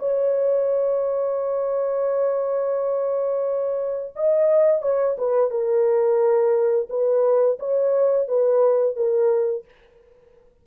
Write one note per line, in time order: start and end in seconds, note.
0.00 4.14 C#5
4.16 4.82 D#5
4.82 5.17 C#5
5.18 5.51 B4
5.51 6.89 A#4
6.90 7.59 B4
7.60 8.29 C#5
8.29 8.97 B4
8.97 9.66 A#4